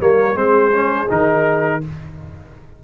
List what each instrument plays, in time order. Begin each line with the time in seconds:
0.00 tuba G3, trombone A#3, horn A#4, trumpet C#5
0.34 tuba G#3, trombone C4, horn G#4, trumpet C5
0.71 trombone C#4
1.08 tuba D#3, trombone D#4, trumpet A#4